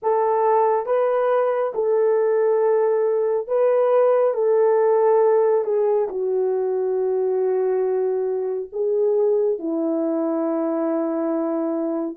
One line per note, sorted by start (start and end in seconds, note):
0.02 0.85 A4
0.85 1.72 B4
1.74 3.47 A4
3.47 4.34 B4
4.34 5.64 A4
5.64 6.08 G#4
6.08 8.69 F#4
8.72 9.58 G#4
9.58 12.16 E4